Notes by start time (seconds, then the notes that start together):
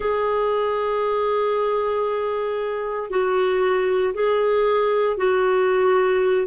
0.00 G#4
3.10 F#4
4.14 G#4
5.17 F#4